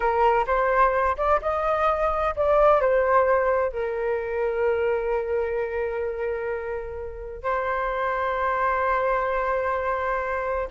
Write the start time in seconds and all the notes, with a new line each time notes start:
0.00 A#4
0.46 C5
1.17 D5
1.41 D#5
2.36 D5
2.80 C5
3.72 A#4
7.42 C5